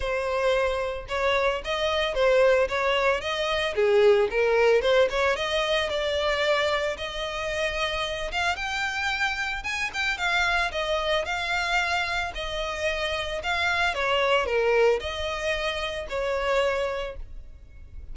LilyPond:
\new Staff \with { instrumentName = "violin" } { \time 4/4 \tempo 4 = 112 c''2 cis''4 dis''4 | c''4 cis''4 dis''4 gis'4 | ais'4 c''8 cis''8 dis''4 d''4~ | d''4 dis''2~ dis''8 f''8 |
g''2 gis''8 g''8 f''4 | dis''4 f''2 dis''4~ | dis''4 f''4 cis''4 ais'4 | dis''2 cis''2 | }